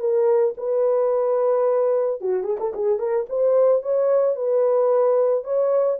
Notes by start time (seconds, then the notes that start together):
0.00 A#4
0.57 B4
2.21 F#4
2.43 G#4
2.60 A4
2.74 G#4
2.99 A#4
3.29 C5
3.83 C#5
4.36 B4
5.44 C#5